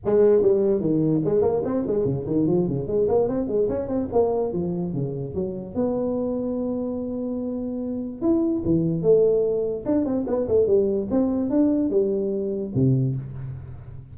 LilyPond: \new Staff \with { instrumentName = "tuba" } { \time 4/4 \tempo 4 = 146 gis4 g4 dis4 gis8 ais8 | c'8 gis8 cis8 dis8 f8 cis8 gis8 ais8 | c'8 gis8 cis'8 c'8 ais4 f4 | cis4 fis4 b2~ |
b1 | e'4 e4 a2 | d'8 c'8 b8 a8 g4 c'4 | d'4 g2 c4 | }